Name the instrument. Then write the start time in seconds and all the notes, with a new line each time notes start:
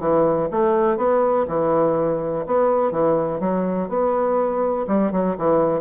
bassoon
0.00 E3
0.51 A3
0.97 B3
1.48 E3
2.47 B3
2.92 E3
3.40 F#3
3.89 B3
4.88 G3
5.12 F#3
5.38 E3